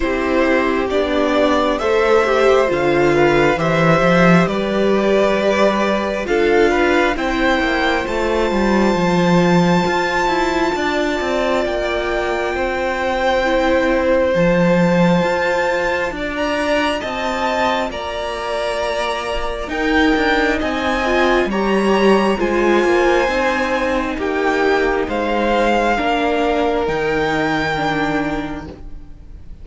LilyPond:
<<
  \new Staff \with { instrumentName = "violin" } { \time 4/4 \tempo 4 = 67 c''4 d''4 e''4 f''4 | e''4 d''2 f''4 | g''4 a''2.~ | a''4 g''2. |
a''2~ a''16 ais''8. a''4 | ais''2 g''4 gis''4 | ais''4 gis''2 g''4 | f''2 g''2 | }
  \new Staff \with { instrumentName = "violin" } { \time 4/4 g'2 c''4. b'8 | c''4 b'2 a'8 b'8 | c''1 | d''2 c''2~ |
c''2 d''4 dis''4 | d''2 ais'4 dis''4 | cis''4 c''2 g'4 | c''4 ais'2. | }
  \new Staff \with { instrumentName = "viola" } { \time 4/4 e'4 d'4 a'8 g'8 f'4 | g'2. f'4 | e'4 f'2.~ | f'2. e'4 |
f'1~ | f'2 dis'4. f'8 | g'4 f'4 dis'2~ | dis'4 d'4 dis'4 d'4 | }
  \new Staff \with { instrumentName = "cello" } { \time 4/4 c'4 b4 a4 d4 | e8 f8 g2 d'4 | c'8 ais8 a8 g8 f4 f'8 e'8 | d'8 c'8 ais4 c'2 |
f4 f'4 d'4 c'4 | ais2 dis'8 d'8 c'4 | g4 gis8 ais8 c'4 ais4 | gis4 ais4 dis2 | }
>>